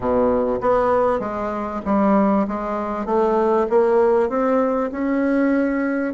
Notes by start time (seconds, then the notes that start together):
0.00 B2
0.60 B3
1.19 G#3
1.85 G3
2.47 G#3
3.05 A3
3.69 A#3
4.29 C4
4.91 C#4